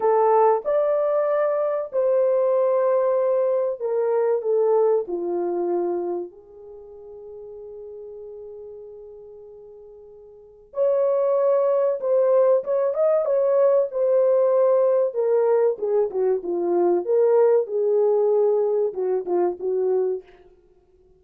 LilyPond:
\new Staff \with { instrumentName = "horn" } { \time 4/4 \tempo 4 = 95 a'4 d''2 c''4~ | c''2 ais'4 a'4 | f'2 gis'2~ | gis'1~ |
gis'4 cis''2 c''4 | cis''8 dis''8 cis''4 c''2 | ais'4 gis'8 fis'8 f'4 ais'4 | gis'2 fis'8 f'8 fis'4 | }